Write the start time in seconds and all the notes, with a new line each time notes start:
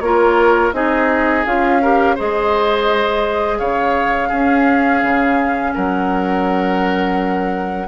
0.00 A#3 F4 A#4 C#5
0.72 C4 D#4 G#4 D#5
1.45 C#4 F4 F5
1.82 G4 A#4
2.15 G#3 G#4 C5 D#5
3.58 C#3 C#5 F5
4.28 C#4 G#4
5.03 C#3
5.74 F#3 A#4 F#5